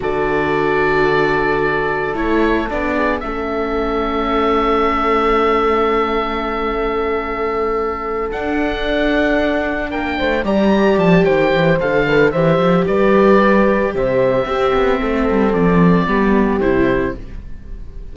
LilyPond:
<<
  \new Staff \with { instrumentName = "oboe" } { \time 4/4 \tempo 4 = 112 d''1 | cis''4 d''4 e''2~ | e''1~ | e''2.~ e''8 fis''8~ |
fis''2~ fis''8 g''4 ais''8~ | ais''8 a''8 g''4 f''4 e''4 | d''2 e''2~ | e''4 d''2 c''4 | }
  \new Staff \with { instrumentName = "horn" } { \time 4/4 a'1~ | a'4. gis'8 a'2~ | a'1~ | a'1~ |
a'2~ a'8 ais'8 c''8 d''8~ | d''4 c''4. b'8 c''4 | b'2 c''4 g'4 | a'2 g'2 | }
  \new Staff \with { instrumentName = "viola" } { \time 4/4 fis'1 | e'4 d'4 cis'2~ | cis'1~ | cis'2.~ cis'8 d'8~ |
d'2.~ d'8 g'8~ | g'2 a'4 g'4~ | g'2. c'4~ | c'2 b4 e'4 | }
  \new Staff \with { instrumentName = "cello" } { \time 4/4 d1 | a4 b4 a2~ | a1~ | a2.~ a8 d'8~ |
d'2~ d'8 ais8 a8 g8~ | g8 f8 dis8 e8 d4 e8 f8 | g2 c4 c'8 b8 | a8 g8 f4 g4 c4 | }
>>